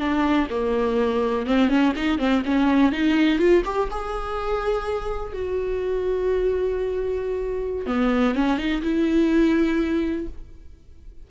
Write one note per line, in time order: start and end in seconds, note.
0.00 0.48 D4
0.50 1.47 A#3
1.47 1.69 C4
1.69 1.94 C#4
1.96 2.19 D#4
2.19 2.43 C4
2.45 2.93 C#4
2.93 3.39 D#4
3.39 3.63 F4
3.65 3.90 G4
3.91 5.33 G#4
5.33 7.87 F#4
7.87 8.35 B3
8.35 8.58 C#4
8.58 8.82 D#4
8.83 10.28 E4